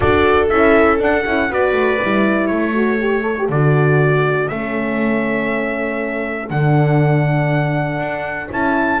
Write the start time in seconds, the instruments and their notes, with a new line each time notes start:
0.00 double bass D4, horn F#4, viola A4, trumpet D5
0.49 double bass C#4, horn E4, trumpet E5
0.98 horn D4, double bass D4, trumpet F#5
1.25 double bass C#4, horn E4
1.49 double bass B3, horn F#4, viola B4, trumpet D5
1.72 double bass A3
2.02 double bass G3, horn E4
2.46 double bass A3, viola A4, trumpet C#5
2.74 horn F#4
2.99 horn G4
3.22 horn A4
3.38 horn G4
3.49 double bass D3, horn F#4, trumpet D5
4.48 double bass A3, horn C#4, trumpet E5
6.50 double bass D3, horn D4, trumpet F#5
7.98 double bass D4
8.50 double bass C#4, horn E4, trumpet A5